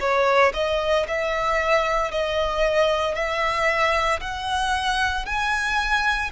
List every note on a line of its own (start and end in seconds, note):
0.00 0.53 C#5
0.54 1.07 D#5
1.08 2.11 E5
2.11 3.15 D#5
3.15 4.20 E5
4.21 5.26 F#5
5.26 6.31 G#5